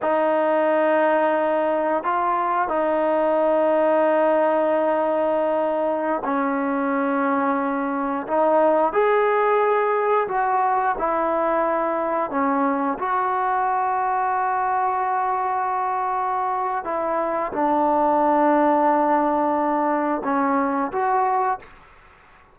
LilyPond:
\new Staff \with { instrumentName = "trombone" } { \time 4/4 \tempo 4 = 89 dis'2. f'4 | dis'1~ | dis'4~ dis'16 cis'2~ cis'8.~ | cis'16 dis'4 gis'2 fis'8.~ |
fis'16 e'2 cis'4 fis'8.~ | fis'1~ | fis'4 e'4 d'2~ | d'2 cis'4 fis'4 | }